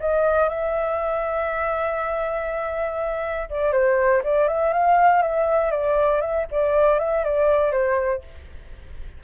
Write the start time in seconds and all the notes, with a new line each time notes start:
0.00 D#5
0.49 E5
3.50 D5
3.72 C5
4.24 D5
4.48 E5
4.73 F5
5.22 E5
5.71 D5
6.21 E5
6.51 D5
6.99 E5
7.25 D5
7.72 C5